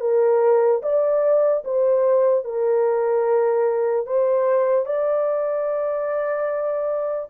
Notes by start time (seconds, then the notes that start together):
0.00 A#4
0.82 D5
1.64 C5
2.44 A#4
4.06 C5
4.85 D5